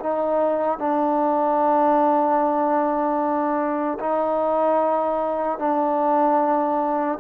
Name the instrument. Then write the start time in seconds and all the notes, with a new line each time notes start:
trombone
0.00 D#4
0.79 D4
4.00 D#4
5.59 D4